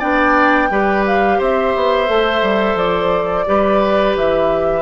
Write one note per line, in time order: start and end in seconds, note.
0.00 0.71 B3
0.00 0.70 D4
0.00 0.69 D5
0.00 1.05 G5
0.71 1.40 G3
0.71 2.08 G4
0.71 1.39 B4
1.07 1.42 F5
1.39 1.75 C4
1.39 3.46 C5
1.39 2.78 E5
1.76 2.09 B3
2.08 2.43 A3
2.08 3.46 A4
2.43 2.76 G3
2.76 3.45 F3
2.76 4.16 D5
3.47 4.16 G3
3.47 4.82 G4
3.47 4.82 B4
4.16 4.82 E3
4.16 4.82 E5